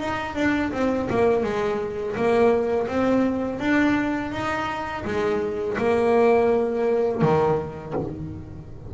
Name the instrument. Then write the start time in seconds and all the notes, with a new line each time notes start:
double bass
0.00 D#4
0.36 D4
0.73 C4
1.10 A#3
1.44 G#3
2.17 A#3
2.88 C4
3.60 D4
4.32 D#4
5.05 G#3
5.78 A#3
7.22 D#3